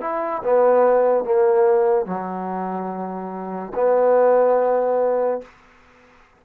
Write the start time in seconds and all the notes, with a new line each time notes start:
0.00 E4
0.43 B3
1.24 A#3
2.05 F#3
3.74 B3